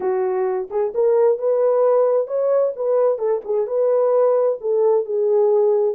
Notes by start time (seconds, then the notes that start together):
0.00 F#4
0.70 G#4
0.94 A#4
1.38 B4
2.27 C#5
2.75 B4
3.18 A4
3.45 G#4
3.66 B4
4.60 A4
5.05 G#4